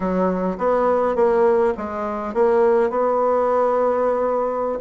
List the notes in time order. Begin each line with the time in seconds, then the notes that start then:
0.00 F#3
0.57 B3
1.15 A#3
1.77 G#3
2.34 A#3
2.90 B3